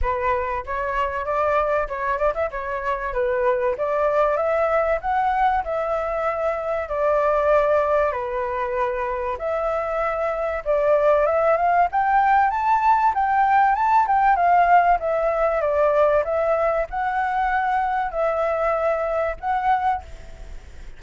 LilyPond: \new Staff \with { instrumentName = "flute" } { \time 4/4 \tempo 4 = 96 b'4 cis''4 d''4 cis''8 d''16 e''16 | cis''4 b'4 d''4 e''4 | fis''4 e''2 d''4~ | d''4 b'2 e''4~ |
e''4 d''4 e''8 f''8 g''4 | a''4 g''4 a''8 g''8 f''4 | e''4 d''4 e''4 fis''4~ | fis''4 e''2 fis''4 | }